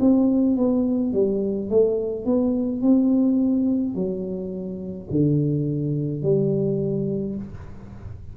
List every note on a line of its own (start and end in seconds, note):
0.00 0.56 C4
0.56 1.13 B3
1.13 1.69 G3
1.69 2.25 A3
2.25 2.81 B3
2.81 3.95 C4
3.95 5.08 F#3
5.10 6.22 D3
6.22 7.35 G3